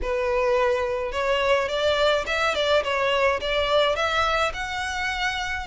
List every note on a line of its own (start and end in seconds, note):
0.02 1.12 B4
1.12 1.68 C#5
1.68 2.25 D5
2.26 2.54 E5
2.54 2.83 D5
2.83 3.40 C#5
3.40 3.95 D5
3.95 4.52 E5
4.53 5.66 F#5